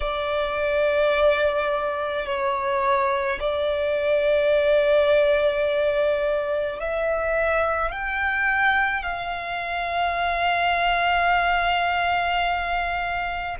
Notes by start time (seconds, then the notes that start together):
0.00 D5
2.25 C#5
3.40 D5
6.79 E5
7.91 G5
9.03 F5